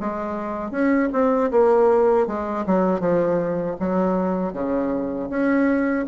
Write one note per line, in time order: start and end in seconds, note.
0.00 0.71 G#3
0.71 1.09 C#4
1.12 1.50 C4
1.51 2.27 A#3
2.27 2.65 G#3
2.66 3.00 F#3
3.00 3.76 F3
3.79 4.53 F#3
4.53 5.29 C#3
5.29 6.05 C#4